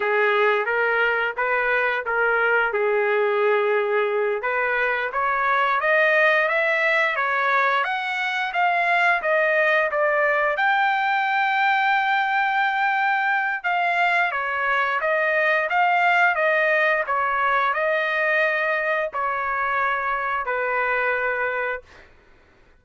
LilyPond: \new Staff \with { instrumentName = "trumpet" } { \time 4/4 \tempo 4 = 88 gis'4 ais'4 b'4 ais'4 | gis'2~ gis'8 b'4 cis''8~ | cis''8 dis''4 e''4 cis''4 fis''8~ | fis''8 f''4 dis''4 d''4 g''8~ |
g''1 | f''4 cis''4 dis''4 f''4 | dis''4 cis''4 dis''2 | cis''2 b'2 | }